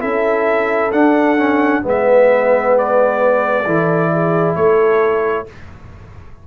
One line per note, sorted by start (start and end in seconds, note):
0.00 0.93 C#4
0.00 0.91 E4
0.00 1.82 A4
0.00 0.91 E5
0.92 1.37 D4
0.92 1.84 D4
0.92 1.83 F#5
1.37 1.82 C#4
1.82 3.66 G#3
1.82 3.64 B3
1.82 3.66 B4
1.88 2.78 E5
2.78 4.55 D5
3.65 4.56 E3
3.65 5.46 E4
3.65 4.11 A4
4.12 4.56 G#4
4.55 5.47 A3
4.55 5.47 A4
4.55 5.46 C#5